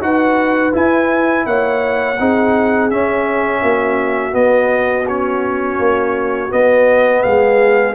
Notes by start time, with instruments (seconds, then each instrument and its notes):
0.00 tuba D#4, trombone F#4, horn B4, trumpet F#5
0.72 trombone E4, tuba E4, trumpet G#5
1.45 tuba A#3, horn C#5, trumpet F#5
2.19 tuba C4, trombone D#4, horn G#4
2.90 tuba C#4, trombone C#4, trumpet E5
3.61 tuba A#3, horn F#4
4.31 trombone B3, tuba B3, trumpet D#5
5.08 trombone C#4, trumpet C#5
5.78 tuba A#3
6.49 trombone B3, tuba B3, trumpet D#5
7.22 tuba G#3, horn G#4, trumpet F5